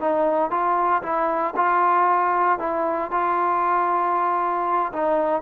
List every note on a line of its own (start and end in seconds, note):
0.00 0.50 D#4
0.50 1.02 F4
1.02 1.54 E4
1.56 2.59 F4
2.59 3.11 E4
3.11 4.92 F4
4.93 5.41 D#4